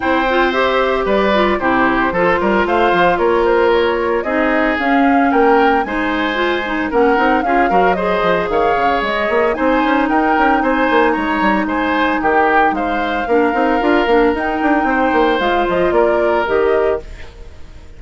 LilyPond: <<
  \new Staff \with { instrumentName = "flute" } { \time 4/4 \tempo 4 = 113 g''4 e''4 d''4 c''4~ | c''4 f''4 cis''8 c''8 cis''4 | dis''4 f''4 g''4 gis''4~ | gis''4 fis''4 f''4 dis''4 |
f''4 dis''4 gis''4 g''4 | gis''4 ais''4 gis''4 g''4 | f''2. g''4~ | g''4 f''8 dis''8 d''4 dis''4 | }
  \new Staff \with { instrumentName = "oboe" } { \time 4/4 c''2 b'4 g'4 | a'8 ais'8 c''4 ais'2 | gis'2 ais'4 c''4~ | c''4 ais'4 gis'8 ais'8 c''4 |
cis''2 c''4 ais'4 | c''4 cis''4 c''4 g'4 | c''4 ais'2. | c''2 ais'2 | }
  \new Staff \with { instrumentName = "clarinet" } { \time 4/4 e'8 f'8 g'4. f'8 e'4 | f'1 | dis'4 cis'2 dis'4 | f'8 dis'8 cis'8 dis'8 f'8 fis'8 gis'4~ |
gis'2 dis'2~ | dis'1~ | dis'4 d'8 dis'8 f'8 d'8 dis'4~ | dis'4 f'2 g'4 | }
  \new Staff \with { instrumentName = "bassoon" } { \time 4/4 c'2 g4 c4 | f8 g8 a8 f8 ais2 | c'4 cis'4 ais4 gis4~ | gis4 ais8 c'8 cis'8 fis4 f8 |
dis8 cis8 gis8 ais8 c'8 cis'8 dis'8 cis'8 | c'8 ais8 gis8 g8 gis4 dis4 | gis4 ais8 c'8 d'8 ais8 dis'8 d'8 | c'8 ais8 gis8 f8 ais4 dis4 | }
>>